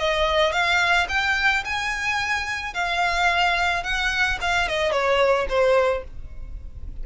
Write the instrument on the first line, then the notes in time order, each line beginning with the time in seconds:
violin
0.00 D#5
0.53 F5
1.09 G5
1.65 G#5
2.74 F5
3.84 F#5
4.41 F5
4.69 D#5
4.92 C#5
5.49 C5